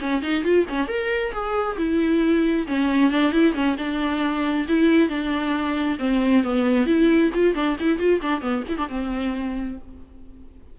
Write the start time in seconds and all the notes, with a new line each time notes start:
0.00 C#4
0.22 D#4
0.43 F4
0.68 C#4
0.87 A#4
1.32 G#4
1.77 E4
2.67 C#4
3.11 D4
3.32 E4
3.54 C#4
3.77 D4
4.68 E4
5.08 D4
5.99 C4
6.43 B3
6.86 E4
7.34 F4
7.54 D4
7.79 E4
7.98 F4
8.21 D4
8.41 B3
8.68 E4
8.77 D4
8.88 C4